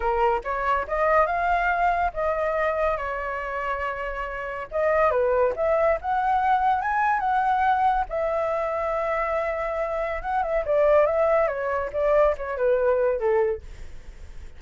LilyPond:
\new Staff \with { instrumentName = "flute" } { \time 4/4 \tempo 4 = 141 ais'4 cis''4 dis''4 f''4~ | f''4 dis''2 cis''4~ | cis''2. dis''4 | b'4 e''4 fis''2 |
gis''4 fis''2 e''4~ | e''1 | fis''8 e''8 d''4 e''4 cis''4 | d''4 cis''8 b'4. a'4 | }